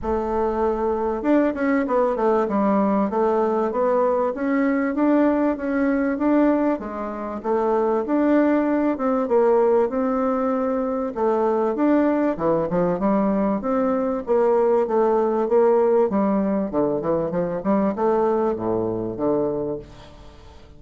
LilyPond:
\new Staff \with { instrumentName = "bassoon" } { \time 4/4 \tempo 4 = 97 a2 d'8 cis'8 b8 a8 | g4 a4 b4 cis'4 | d'4 cis'4 d'4 gis4 | a4 d'4. c'8 ais4 |
c'2 a4 d'4 | e8 f8 g4 c'4 ais4 | a4 ais4 g4 d8 e8 | f8 g8 a4 a,4 d4 | }